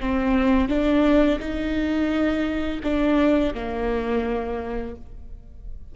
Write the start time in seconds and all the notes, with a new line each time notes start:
0.00 C4
0.68 D4
1.39 D#4
2.83 D4
3.54 A#3